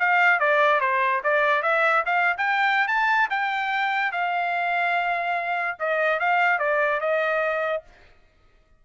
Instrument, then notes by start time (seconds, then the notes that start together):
trumpet
0.00 F5
0.40 D5
0.81 C5
1.24 D5
1.63 E5
2.06 F5
2.38 G5
2.88 A5
3.30 G5
4.12 F5
5.79 D#5
6.20 F5
6.59 D5
7.01 D#5